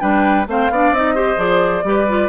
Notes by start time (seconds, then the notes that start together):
0.00 G3 D4 B4 G5
0.47 A3 C4 C5 F5
0.70 B3 D4 D5
0.91 C4 D#4 D#5
1.15 G4 C5
1.37 F3 G#4 D5
1.84 G3 G4 B4
2.09 F4